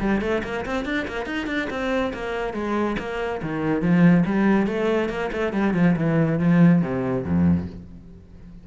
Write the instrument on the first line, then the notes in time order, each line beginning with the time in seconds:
cello
0.00 G3
0.21 A3
0.44 A#3
0.66 C4
0.85 D4
1.07 A#3
1.26 D#4
1.47 D4
1.70 C4
2.13 A#3
2.54 G#3
2.99 A#3
3.42 D#3
3.81 F3
4.26 G3
4.67 A3
5.09 A#3
5.32 A3
5.53 G3
5.74 F3
5.96 E3
6.39 F3
6.82 C3
7.24 F2